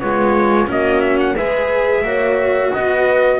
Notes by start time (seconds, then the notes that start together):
0.00 G#3 B3 F4 C#5
0.67 A#3 C#4 F#4 D#5
1.01 E5
1.19 F#5
1.36 G#3 G#4 B4 E5
2.03 A#3 F#4 C#5
2.73 B3 B4 D#5